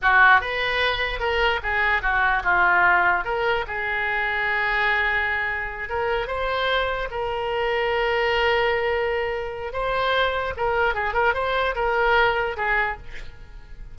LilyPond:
\new Staff \with { instrumentName = "oboe" } { \time 4/4 \tempo 4 = 148 fis'4 b'2 ais'4 | gis'4 fis'4 f'2 | ais'4 gis'2.~ | gis'2~ gis'8 ais'4 c''8~ |
c''4. ais'2~ ais'8~ | ais'1 | c''2 ais'4 gis'8 ais'8 | c''4 ais'2 gis'4 | }